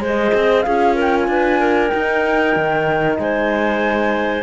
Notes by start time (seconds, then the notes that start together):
0.00 G#3 G#4 C5
0.07 D#5
0.34 C4
0.62 C#4 F4 G#4 F5
0.95 A#4
1.01 G5
1.17 G#5
1.28 D4 B4
1.60 A#4
1.89 D#4 G5
2.56 D#3
3.19 G#3 C5 G#5